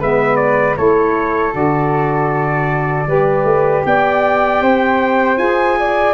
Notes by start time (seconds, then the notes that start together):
0.00 G#3 B3 B4 E5
0.36 D5
0.75 A3 E4 A4 C#5
1.51 D3 F#4 D5
3.05 G3 G4 B4
3.44 A3
3.85 B3 D5 G5
4.61 C4 C5
5.37 F4 G#4 G#5
5.79 D5